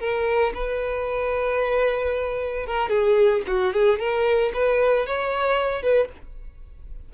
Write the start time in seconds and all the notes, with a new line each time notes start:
0.00 A#4
0.54 B4
2.67 A#4
2.89 G#4
3.48 F#4
3.74 G#4
3.99 A#4
4.54 B4
5.07 C#5
5.83 B4